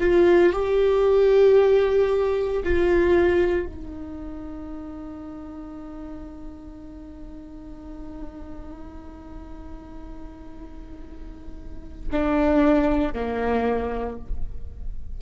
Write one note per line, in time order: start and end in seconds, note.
0.00 0.52 F4
0.52 2.63 G4
2.63 3.66 F4
3.66 12.08 D#4
12.11 13.13 D4
13.13 14.19 A#3